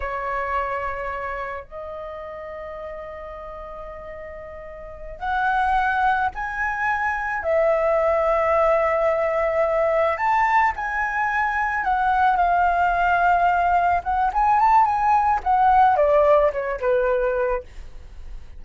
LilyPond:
\new Staff \with { instrumentName = "flute" } { \time 4/4 \tempo 4 = 109 cis''2. dis''4~ | dis''1~ | dis''4. fis''2 gis''8~ | gis''4. e''2~ e''8~ |
e''2~ e''8 a''4 gis''8~ | gis''4. fis''4 f''4.~ | f''4. fis''8 gis''8 a''8 gis''4 | fis''4 d''4 cis''8 b'4. | }